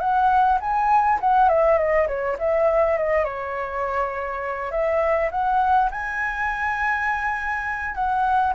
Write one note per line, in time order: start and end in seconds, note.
0.00 0.59 F#5
0.60 1.19 G#5
1.21 1.49 F#5
1.49 1.78 E5
1.78 2.07 D#5
2.07 2.37 C#5
2.39 2.98 E5
2.98 3.24 D#5
3.24 4.71 C#5
4.71 5.30 E5
5.31 5.90 F#5
5.91 7.95 G#5
7.95 8.54 F#5